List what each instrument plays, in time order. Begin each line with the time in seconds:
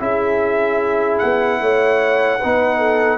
0.00 tuba C#4, trombone E4, horn G#4, trumpet E5
1.19 tuba B3, trumpet F#5
1.61 tuba A3, horn C#5
2.39 tuba B3, trombone D#4, horn B4
2.78 horn A4